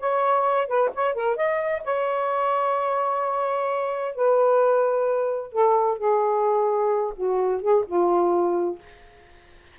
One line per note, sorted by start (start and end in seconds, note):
0.00 0.68 C#5
0.68 0.91 B4
0.95 1.15 C#5
1.15 1.36 A#4
1.36 1.82 D#5
1.85 4.15 C#5
4.15 5.52 B4
5.52 5.98 A4
5.98 7.13 G#4
7.16 7.62 F#4
7.62 7.85 G#4
7.87 8.79 F4